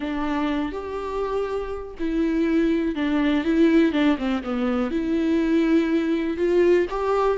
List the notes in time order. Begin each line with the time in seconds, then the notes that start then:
0.00 D4
0.72 G4
1.99 E4
2.95 D4
3.44 E4
3.92 D4
4.18 C4
4.43 B3
4.90 E4
6.37 F4
6.90 G4